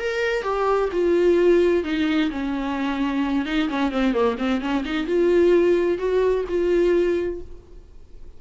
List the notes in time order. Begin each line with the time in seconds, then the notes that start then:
0.00 A#4
0.43 G4
0.93 F4
1.84 D#4
2.31 C#4
3.46 D#4
3.69 C#4
3.92 C4
4.13 A#3
4.38 C4
4.61 C#4
4.85 D#4
5.07 F4
5.99 F#4
6.49 F4